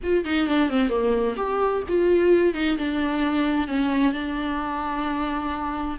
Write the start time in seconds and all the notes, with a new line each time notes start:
0.03 F4
0.25 D#4
0.47 D4
0.69 C4
0.89 A#3
1.36 G4
1.88 F4
2.54 D#4
2.77 D4
3.67 C#4
4.13 D4